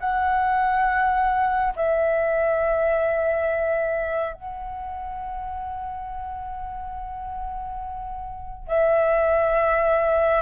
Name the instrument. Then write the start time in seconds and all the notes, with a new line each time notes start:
flute
0.00 F#5
1.76 E5
4.34 F#5
8.68 E5